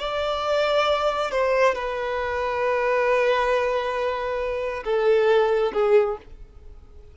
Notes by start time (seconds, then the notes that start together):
0.00 D5
1.32 C5
1.75 B4
4.85 A4
5.74 G#4